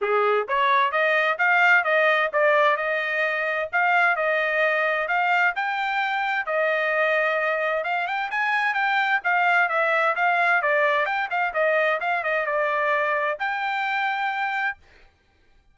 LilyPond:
\new Staff \with { instrumentName = "trumpet" } { \time 4/4 \tempo 4 = 130 gis'4 cis''4 dis''4 f''4 | dis''4 d''4 dis''2 | f''4 dis''2 f''4 | g''2 dis''2~ |
dis''4 f''8 g''8 gis''4 g''4 | f''4 e''4 f''4 d''4 | g''8 f''8 dis''4 f''8 dis''8 d''4~ | d''4 g''2. | }